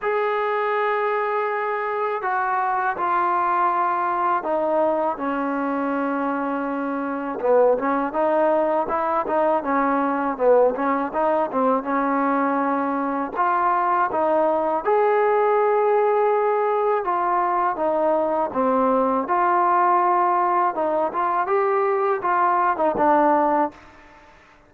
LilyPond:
\new Staff \with { instrumentName = "trombone" } { \time 4/4 \tempo 4 = 81 gis'2. fis'4 | f'2 dis'4 cis'4~ | cis'2 b8 cis'8 dis'4 | e'8 dis'8 cis'4 b8 cis'8 dis'8 c'8 |
cis'2 f'4 dis'4 | gis'2. f'4 | dis'4 c'4 f'2 | dis'8 f'8 g'4 f'8. dis'16 d'4 | }